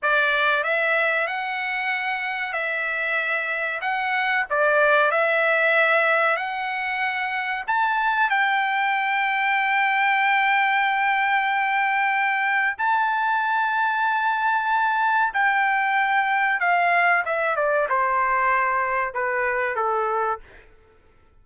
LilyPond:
\new Staff \with { instrumentName = "trumpet" } { \time 4/4 \tempo 4 = 94 d''4 e''4 fis''2 | e''2 fis''4 d''4 | e''2 fis''2 | a''4 g''2.~ |
g''1 | a''1 | g''2 f''4 e''8 d''8 | c''2 b'4 a'4 | }